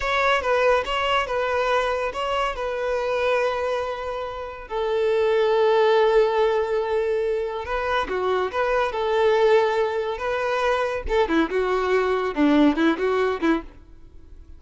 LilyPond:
\new Staff \with { instrumentName = "violin" } { \time 4/4 \tempo 4 = 141 cis''4 b'4 cis''4 b'4~ | b'4 cis''4 b'2~ | b'2. a'4~ | a'1~ |
a'2 b'4 fis'4 | b'4 a'2. | b'2 a'8 e'8 fis'4~ | fis'4 d'4 e'8 fis'4 e'8 | }